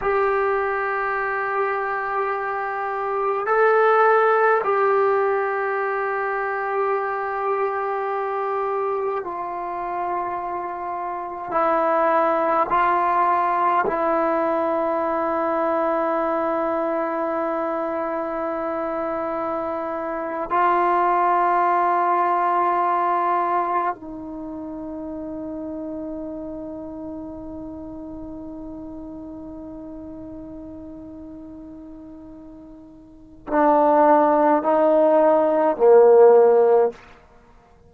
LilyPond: \new Staff \with { instrumentName = "trombone" } { \time 4/4 \tempo 4 = 52 g'2. a'4 | g'1 | f'2 e'4 f'4 | e'1~ |
e'4.~ e'16 f'2~ f'16~ | f'8. dis'2.~ dis'16~ | dis'1~ | dis'4 d'4 dis'4 ais4 | }